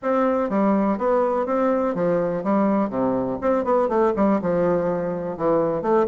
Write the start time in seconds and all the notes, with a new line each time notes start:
0.02 C4
0.49 G3
0.98 B3
1.46 C4
1.94 F3
2.43 G3
2.89 C3
3.41 C4
3.64 B3
3.88 A3
4.16 G3
4.41 F3
5.37 E3
5.82 A3